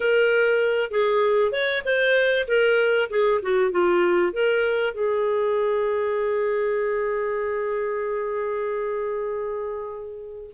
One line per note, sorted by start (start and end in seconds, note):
0.00 0.91 A#4
0.91 1.52 G#4
1.52 1.82 C#5
1.85 2.47 C5
2.47 3.09 A#4
3.10 3.40 G#4
3.42 3.71 F#4
3.71 4.32 F4
4.32 4.94 A#4
4.94 10.50 G#4